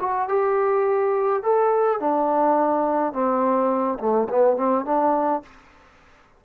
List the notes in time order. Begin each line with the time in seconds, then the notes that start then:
0.00 F#4
0.29 G4
1.43 A4
2.00 D4
3.13 C4
3.99 A3
4.29 B3
4.57 C4
4.85 D4